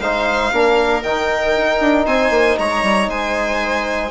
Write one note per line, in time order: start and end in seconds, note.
0.00 0.51 G#3
0.00 0.53 D#4
0.00 0.52 C5
0.00 1.03 F5
0.52 1.04 A#3
0.52 1.03 D4
0.52 2.06 A#4
1.03 1.55 D#3
1.03 4.10 D#4
1.03 2.06 G5
1.56 1.81 D#4
1.81 2.06 D4
2.06 2.30 C4
2.06 2.57 C5
2.06 2.58 G#5
2.30 2.56 A#3
2.58 2.83 G#3
2.58 3.10 C#5
2.58 3.10 A#5
2.83 3.08 G3
3.09 4.10 G#3
3.09 4.10 C5
3.09 4.10 G#5